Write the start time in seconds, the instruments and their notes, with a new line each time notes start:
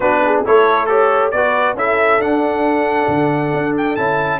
0.00 tuba B3, trombone D4, horn F#4, trumpet B4
0.25 horn G#4
0.45 tuba A3, trombone E4, horn A4, trumpet C#5
0.86 trombone G4, trumpet A4, horn C#5
1.31 tuba B3, trombone F#4, horn B4, trumpet D5
1.74 tuba C#4, trombone E4, horn A4, trumpet E5
2.18 tuba D4, trombone D4, trumpet F#5
3.08 tuba D3
3.53 tuba D4
3.77 trumpet G5
3.96 tuba C#4, trombone E4, trumpet A5